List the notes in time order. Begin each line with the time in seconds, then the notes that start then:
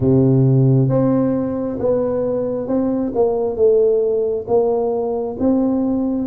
0.00 C3
0.88 C4
1.79 B3
2.67 C4
3.14 A#3
3.56 A3
4.47 A#3
5.39 C4